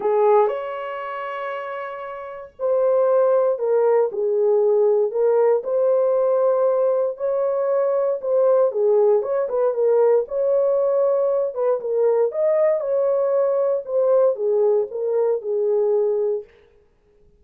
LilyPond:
\new Staff \with { instrumentName = "horn" } { \time 4/4 \tempo 4 = 117 gis'4 cis''2.~ | cis''4 c''2 ais'4 | gis'2 ais'4 c''4~ | c''2 cis''2 |
c''4 gis'4 cis''8 b'8 ais'4 | cis''2~ cis''8 b'8 ais'4 | dis''4 cis''2 c''4 | gis'4 ais'4 gis'2 | }